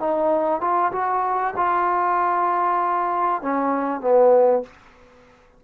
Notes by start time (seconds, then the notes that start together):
0.00 D#4
0.61 F4
0.93 F#4
1.57 F4
3.42 C#4
4.01 B3